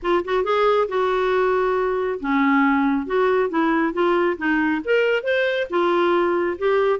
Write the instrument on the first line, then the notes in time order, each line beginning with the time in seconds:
clarinet
0.02 F4
0.24 F#4
0.44 G#4
0.88 F#4
2.19 C#4
3.06 F#4
3.49 E4
3.93 F4
4.37 D#4
4.84 A#4
5.23 C5
5.69 F4
6.58 G4